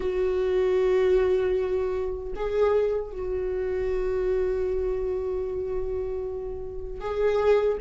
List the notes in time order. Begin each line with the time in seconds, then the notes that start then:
0.00 F#4
2.36 G#4
3.12 F#4
7.00 G#4